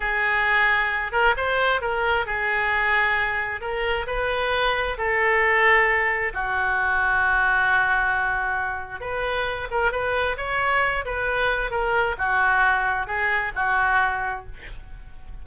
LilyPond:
\new Staff \with { instrumentName = "oboe" } { \time 4/4 \tempo 4 = 133 gis'2~ gis'8 ais'8 c''4 | ais'4 gis'2. | ais'4 b'2 a'4~ | a'2 fis'2~ |
fis'1 | b'4. ais'8 b'4 cis''4~ | cis''8 b'4. ais'4 fis'4~ | fis'4 gis'4 fis'2 | }